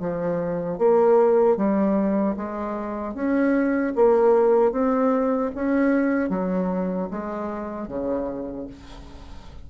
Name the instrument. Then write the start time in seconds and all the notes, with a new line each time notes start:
bassoon
0.00 F3
0.79 A#3
1.57 G3
2.37 G#3
3.15 C#4
3.96 A#3
4.72 C4
5.56 C#4
6.30 F#3
7.11 G#3
7.88 C#3